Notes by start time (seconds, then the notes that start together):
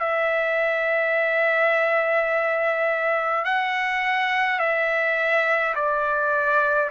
0.00 E5
3.45 F#5
4.59 E5
5.75 D5